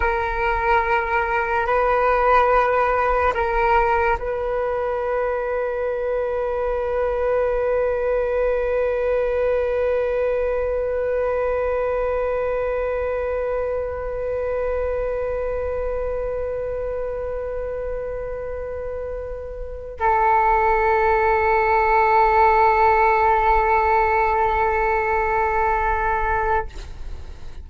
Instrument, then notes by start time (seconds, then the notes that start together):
flute
0.00 A#4
1.66 B4
3.34 A#4
4.18 B4
19.99 A4